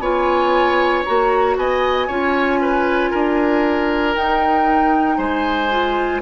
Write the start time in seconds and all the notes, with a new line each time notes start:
0.00 B3 F4 C#5 G#5
1.06 A#3 F#4 A#5
1.57 B3 D#5 G#5
2.08 C#4 F4 C#5
2.62 B4
3.11 D4 A#4
4.16 D#4 G5
5.18 G#3 C5 G#5
5.70 F4